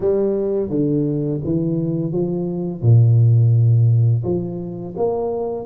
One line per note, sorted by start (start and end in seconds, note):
0.00 0.70 G3
0.70 1.40 D3
1.44 2.12 E3
2.12 2.82 F3
2.82 4.23 A#2
4.24 4.94 F3
4.96 5.65 A#3